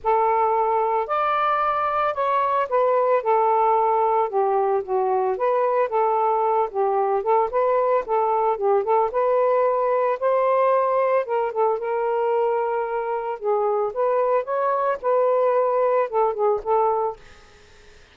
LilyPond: \new Staff \with { instrumentName = "saxophone" } { \time 4/4 \tempo 4 = 112 a'2 d''2 | cis''4 b'4 a'2 | g'4 fis'4 b'4 a'4~ | a'8 g'4 a'8 b'4 a'4 |
g'8 a'8 b'2 c''4~ | c''4 ais'8 a'8 ais'2~ | ais'4 gis'4 b'4 cis''4 | b'2 a'8 gis'8 a'4 | }